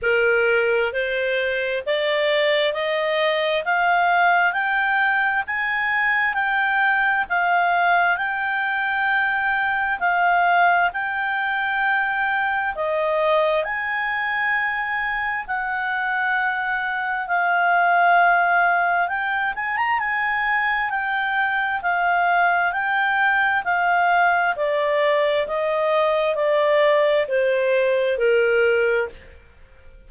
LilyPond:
\new Staff \with { instrumentName = "clarinet" } { \time 4/4 \tempo 4 = 66 ais'4 c''4 d''4 dis''4 | f''4 g''4 gis''4 g''4 | f''4 g''2 f''4 | g''2 dis''4 gis''4~ |
gis''4 fis''2 f''4~ | f''4 g''8 gis''16 ais''16 gis''4 g''4 | f''4 g''4 f''4 d''4 | dis''4 d''4 c''4 ais'4 | }